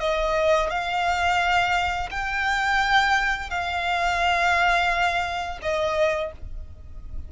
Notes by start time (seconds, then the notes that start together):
0.00 D#5
0.70 F5
2.11 G5
3.50 F5
5.62 D#5